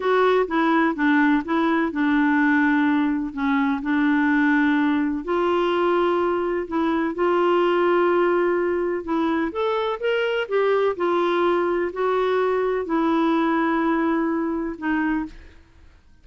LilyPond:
\new Staff \with { instrumentName = "clarinet" } { \time 4/4 \tempo 4 = 126 fis'4 e'4 d'4 e'4 | d'2. cis'4 | d'2. f'4~ | f'2 e'4 f'4~ |
f'2. e'4 | a'4 ais'4 g'4 f'4~ | f'4 fis'2 e'4~ | e'2. dis'4 | }